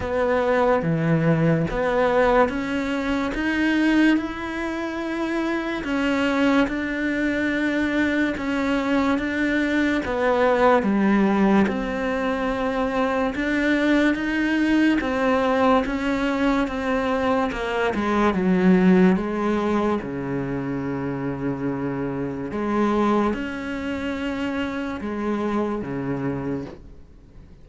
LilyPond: \new Staff \with { instrumentName = "cello" } { \time 4/4 \tempo 4 = 72 b4 e4 b4 cis'4 | dis'4 e'2 cis'4 | d'2 cis'4 d'4 | b4 g4 c'2 |
d'4 dis'4 c'4 cis'4 | c'4 ais8 gis8 fis4 gis4 | cis2. gis4 | cis'2 gis4 cis4 | }